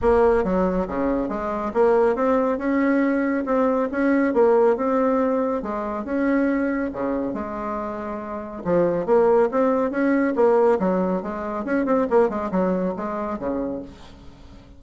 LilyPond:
\new Staff \with { instrumentName = "bassoon" } { \time 4/4 \tempo 4 = 139 ais4 fis4 cis4 gis4 | ais4 c'4 cis'2 | c'4 cis'4 ais4 c'4~ | c'4 gis4 cis'2 |
cis4 gis2. | f4 ais4 c'4 cis'4 | ais4 fis4 gis4 cis'8 c'8 | ais8 gis8 fis4 gis4 cis4 | }